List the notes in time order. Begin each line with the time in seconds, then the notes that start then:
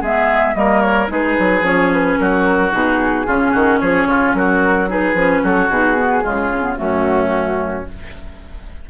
0.00 G#3 B3 G#4 E5
0.55 G3 A#3 A#4 D#5
0.82 C#5
1.08 G#3 D#4 G#4 B4
1.39 F#3
1.61 F3 C#4 C#5
1.93 B4
2.18 F#3 F#4 A#4
2.72 B2 D#4 G#4
3.26 C#3 C#4 F4
3.52 D#3 F#4
3.80 F3 G#4 C#5
4.06 C#3 F4
4.34 F#3 F#4 A#4
4.88 D#4 G#4 B4
5.14 F3 C#4
5.43 F#3 F#4 A4
5.68 B2 D#4 G#4
5.96 B3
6.22 C#3 G#3 F4
6.49 C#4
6.62 B3
6.76 F#2 A3 C#4 F#4